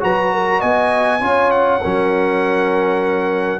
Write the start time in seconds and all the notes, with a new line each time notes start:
0.00 F#3 F#4 B4 A#5
0.34 A#4
0.60 B3 D#5 G#5
1.20 C#4 F4 C#5
1.51 F#5
1.81 F#3 C#4 A#4